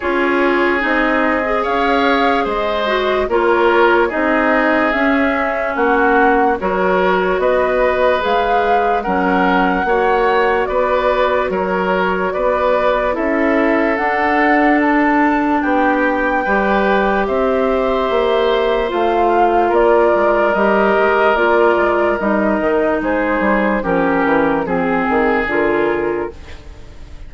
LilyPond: <<
  \new Staff \with { instrumentName = "flute" } { \time 4/4 \tempo 4 = 73 cis''4 dis''4 f''4 dis''4 | cis''4 dis''4 e''4 fis''4 | cis''4 dis''4 f''4 fis''4~ | fis''4 d''4 cis''4 d''4 |
e''4 fis''4 a''4 g''4~ | g''4 e''2 f''4 | d''4 dis''4 d''4 dis''4 | c''4 ais'4 gis'4 ais'4 | }
  \new Staff \with { instrumentName = "oboe" } { \time 4/4 gis'2 cis''4 c''4 | ais'4 gis'2 fis'4 | ais'4 b'2 ais'4 | cis''4 b'4 ais'4 b'4 |
a'2. g'4 | b'4 c''2. | ais'1 | gis'4 g'4 gis'2 | }
  \new Staff \with { instrumentName = "clarinet" } { \time 4/4 f'4 dis'8. gis'4.~ gis'16 fis'8 | f'4 dis'4 cis'2 | fis'2 gis'4 cis'4 | fis'1 |
e'4 d'2. | g'2. f'4~ | f'4 g'4 f'4 dis'4~ | dis'4 cis'4 c'4 f'4 | }
  \new Staff \with { instrumentName = "bassoon" } { \time 4/4 cis'4 c'4 cis'4 gis4 | ais4 c'4 cis'4 ais4 | fis4 b4 gis4 fis4 | ais4 b4 fis4 b4 |
cis'4 d'2 b4 | g4 c'4 ais4 a4 | ais8 gis8 g8 gis8 ais8 gis8 g8 dis8 | gis8 g8 f8 e8 f8 dis8 d4 | }
>>